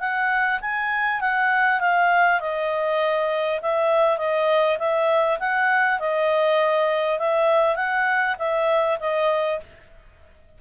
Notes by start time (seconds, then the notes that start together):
0.00 F#5
0.61 G#5
1.21 F#5
1.81 F5
2.41 D#5
3.62 E5
4.18 D#5
4.79 E5
5.40 F#5
6.00 D#5
7.19 E5
7.76 F#5
8.39 E5
9.00 D#5